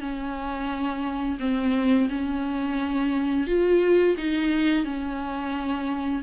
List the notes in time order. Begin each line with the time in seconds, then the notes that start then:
0.00 C#4
1.39 C4
2.09 C#4
3.47 F4
4.17 D#4
4.84 C#4